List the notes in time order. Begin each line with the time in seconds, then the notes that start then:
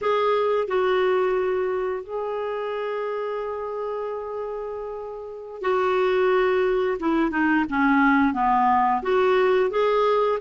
0.01 G#4
0.67 F#4
2.03 G#4
5.61 F#4
6.99 E4
7.30 D#4
7.69 C#4
8.33 B3
9.02 F#4
9.70 G#4